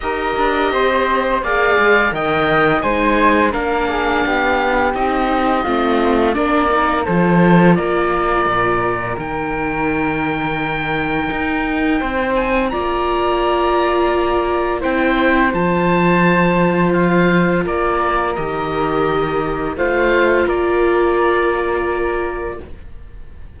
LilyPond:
<<
  \new Staff \with { instrumentName = "oboe" } { \time 4/4 \tempo 4 = 85 dis''2 f''4 g''4 | gis''4 f''2 dis''4~ | dis''4 d''4 c''4 d''4~ | d''4 g''2.~ |
g''4. gis''8 ais''2~ | ais''4 g''4 a''2 | f''4 d''4 dis''2 | f''4 d''2. | }
  \new Staff \with { instrumentName = "flute" } { \time 4/4 ais'4 c''4 d''4 dis''4 | c''4 ais'8 gis'8 g'2 | f'4 ais'4 a'4 ais'4~ | ais'1~ |
ais'4 c''4 d''2~ | d''4 c''2.~ | c''4 ais'2. | c''4 ais'2. | }
  \new Staff \with { instrumentName = "viola" } { \time 4/4 g'2 gis'4 ais'4 | dis'4 d'2 dis'4 | c'4 d'8 dis'8 f'2~ | f'4 dis'2.~ |
dis'2 f'2~ | f'4 e'4 f'2~ | f'2 g'2 | f'1 | }
  \new Staff \with { instrumentName = "cello" } { \time 4/4 dis'8 d'8 c'4 ais8 gis8 dis4 | gis4 ais4 b4 c'4 | a4 ais4 f4 ais4 | ais,4 dis2. |
dis'4 c'4 ais2~ | ais4 c'4 f2~ | f4 ais4 dis2 | a4 ais2. | }
>>